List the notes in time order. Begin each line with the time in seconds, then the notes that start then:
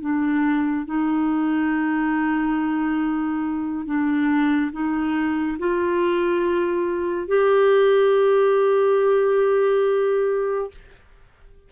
0.00 D4
0.85 D#4
3.85 D4
4.72 D#4
5.59 F4
7.27 G4